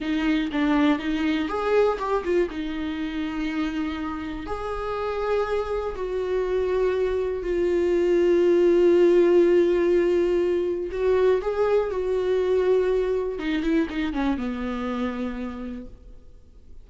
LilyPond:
\new Staff \with { instrumentName = "viola" } { \time 4/4 \tempo 4 = 121 dis'4 d'4 dis'4 gis'4 | g'8 f'8 dis'2.~ | dis'4 gis'2. | fis'2. f'4~ |
f'1~ | f'2 fis'4 gis'4 | fis'2. dis'8 e'8 | dis'8 cis'8 b2. | }